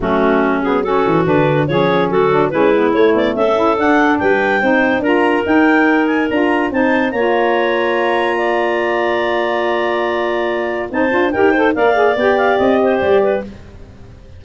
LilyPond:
<<
  \new Staff \with { instrumentName = "clarinet" } { \time 4/4 \tempo 4 = 143 fis'4. gis'8 a'4 b'4 | cis''4 a'4 b'4 cis''8 d''8 | e''4 fis''4 g''2 | ais''4 g''4. gis''8 ais''4 |
a''4 ais''2.~ | ais''1~ | ais''2 a''4 g''4 | f''4 g''8 f''8 dis''4 d''4 | }
  \new Staff \with { instrumentName = "clarinet" } { \time 4/4 cis'2 fis'2 | gis'4 fis'4 e'2 | a'2 b'4 c''4 | ais'1 |
c''4 cis''2. | d''1~ | d''2 c''4 ais'8 c''8 | d''2~ d''8 c''4 b'8 | }
  \new Staff \with { instrumentName = "saxophone" } { \time 4/4 a4. b8 cis'4 d'4 | cis'4. d'8 cis'8 b8 a4~ | a8 e'8 d'2 dis'4 | f'4 dis'2 f'4 |
dis'4 f'2.~ | f'1~ | f'2 dis'8 f'8 g'8 a'8 | ais'8 gis'8 g'2. | }
  \new Staff \with { instrumentName = "tuba" } { \time 4/4 fis2~ fis8 e8 d4 | f4 fis4 gis4 a8 b8 | cis'4 d'4 g4 c'4 | d'4 dis'2 d'4 |
c'4 ais2.~ | ais1~ | ais2 c'8 d'8 dis'4 | ais4 b4 c'4 g4 | }
>>